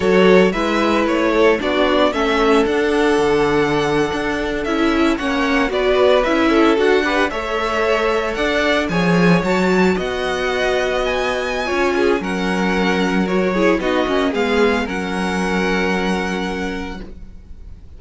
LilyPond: <<
  \new Staff \with { instrumentName = "violin" } { \time 4/4 \tempo 4 = 113 cis''4 e''4 cis''4 d''4 | e''4 fis''2.~ | fis''8. e''4 fis''4 d''4 e''16~ | e''8. fis''4 e''2 fis''16~ |
fis''8. gis''4 a''4 fis''4~ fis''16~ | fis''8. gis''2~ gis''16 fis''4~ | fis''4 cis''4 dis''4 f''4 | fis''1 | }
  \new Staff \with { instrumentName = "violin" } { \time 4/4 a'4 b'4. a'8 fis'4 | a'1~ | a'4.~ a'16 cis''4 b'4~ b'16~ | b'16 a'4 b'8 cis''2 d''16~ |
d''8. cis''2 dis''4~ dis''16~ | dis''2 cis''8 gis'8 ais'4~ | ais'4. gis'8 fis'4 gis'4 | ais'1 | }
  \new Staff \with { instrumentName = "viola" } { \time 4/4 fis'4 e'2 d'4 | cis'4 d'2.~ | d'8. e'4 cis'4 fis'4 e'16~ | e'8. fis'8 g'8 a'2~ a'16~ |
a'8. gis'4 fis'2~ fis'16~ | fis'2 f'4 cis'4~ | cis'4 fis'8 e'8 dis'8 cis'8 b4 | cis'1 | }
  \new Staff \with { instrumentName = "cello" } { \time 4/4 fis4 gis4 a4 b4 | a4 d'4 d4.~ d16 d'16~ | d'8. cis'4 ais4 b4 cis'16~ | cis'8. d'4 a2 d'16~ |
d'8. f4 fis4 b4~ b16~ | b2 cis'4 fis4~ | fis2 b8 ais8 gis4 | fis1 | }
>>